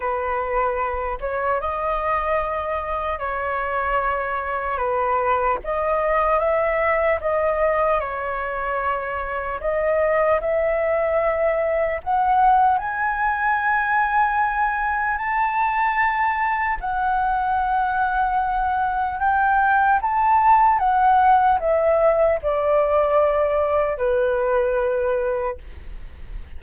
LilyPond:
\new Staff \with { instrumentName = "flute" } { \time 4/4 \tempo 4 = 75 b'4. cis''8 dis''2 | cis''2 b'4 dis''4 | e''4 dis''4 cis''2 | dis''4 e''2 fis''4 |
gis''2. a''4~ | a''4 fis''2. | g''4 a''4 fis''4 e''4 | d''2 b'2 | }